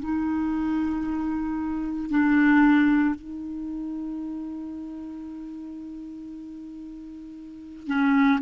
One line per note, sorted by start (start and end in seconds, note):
0.00 2.11 D#4
2.11 3.16 D4
3.16 7.87 D#4
7.87 8.40 C#4